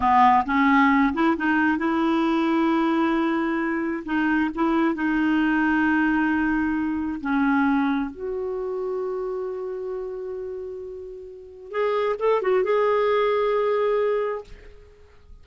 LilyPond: \new Staff \with { instrumentName = "clarinet" } { \time 4/4 \tempo 4 = 133 b4 cis'4. e'8 dis'4 | e'1~ | e'4 dis'4 e'4 dis'4~ | dis'1 |
cis'2 fis'2~ | fis'1~ | fis'2 gis'4 a'8 fis'8 | gis'1 | }